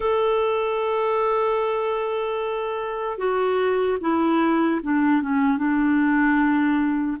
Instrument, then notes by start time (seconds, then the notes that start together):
clarinet
0.00 A4
3.18 F#4
4.00 E4
4.83 D4
5.22 C#4
5.57 D4